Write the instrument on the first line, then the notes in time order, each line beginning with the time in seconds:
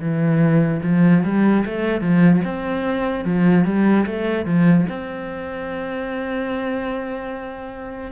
cello
0.00 E3
0.83 F3
1.23 G3
1.65 A3
2.00 F3
2.44 C4
3.25 F3
3.65 G3
4.06 A3
4.45 F3
4.89 C4